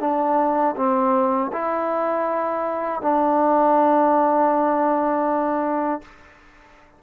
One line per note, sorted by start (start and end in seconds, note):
0.00 0.75 D4
0.76 1.51 C4
1.52 3.02 E4
3.02 6.02 D4